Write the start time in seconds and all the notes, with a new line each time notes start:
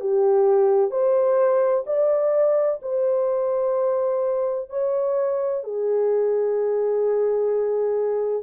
0.00 G4
0.90 C5
1.86 D5
2.82 C5
4.69 C#5
5.63 G#4